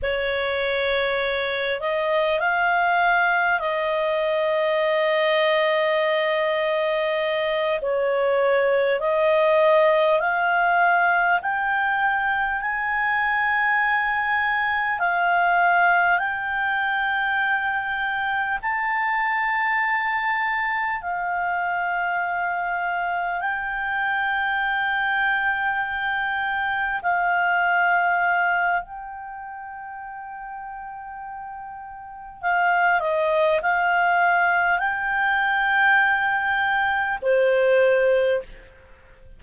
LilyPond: \new Staff \with { instrumentName = "clarinet" } { \time 4/4 \tempo 4 = 50 cis''4. dis''8 f''4 dis''4~ | dis''2~ dis''8 cis''4 dis''8~ | dis''8 f''4 g''4 gis''4.~ | gis''8 f''4 g''2 a''8~ |
a''4. f''2 g''8~ | g''2~ g''8 f''4. | g''2. f''8 dis''8 | f''4 g''2 c''4 | }